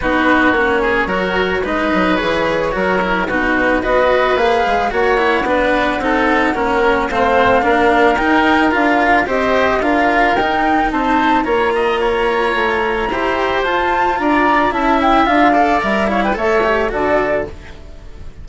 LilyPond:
<<
  \new Staff \with { instrumentName = "flute" } { \time 4/4 \tempo 4 = 110 b'4 cis''2 dis''4 | cis''2 b'4 dis''4 | f''4 fis''2.~ | fis''4 f''2 g''4 |
f''4 dis''4 f''4 g''4 | a''4 ais''2.~ | ais''4 a''4 ais''4 a''8 g''8 | f''4 e''8 f''16 g''16 e''4 d''4 | }
  \new Staff \with { instrumentName = "oboe" } { \time 4/4 fis'4. gis'8 ais'4 b'4~ | b'4 ais'4 fis'4 b'4~ | b'4 cis''4 b'4 a'4 | ais'4 c''4 ais'2~ |
ais'4 c''4 ais'2 | c''4 cis''8 dis''8 cis''2 | c''2 d''4 e''4~ | e''8 d''4 cis''16 b'16 cis''4 a'4 | }
  \new Staff \with { instrumentName = "cello" } { \time 4/4 dis'4 cis'4 fis'4 dis'4 | gis'4 fis'8 e'8 dis'4 fis'4 | gis'4 fis'8 e'8 d'4 dis'4 | cis'4 c'4 d'4 dis'4 |
f'4 g'4 f'4 dis'4~ | dis'4 f'2. | g'4 f'2 e'4 | f'8 a'8 ais'8 e'8 a'8 g'8 fis'4 | }
  \new Staff \with { instrumentName = "bassoon" } { \time 4/4 b4 ais4 fis4 gis8 fis8 | e4 fis4 b,4 b4 | ais8 gis8 ais4 b4 c'4 | ais4 a4 ais4 dis'4 |
d'4 c'4 d'4 dis'4 | c'4 ais2 a4 | e'4 f'4 d'4 cis'4 | d'4 g4 a4 d4 | }
>>